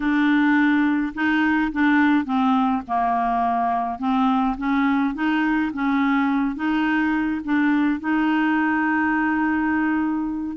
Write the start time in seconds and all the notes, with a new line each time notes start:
0.00 D4
1.14 D#4
1.72 D4
2.24 C4
2.87 A#3
3.98 C4
4.57 C#4
5.14 D#4
5.73 C#4
6.55 D#4
7.44 D4
8.00 D#4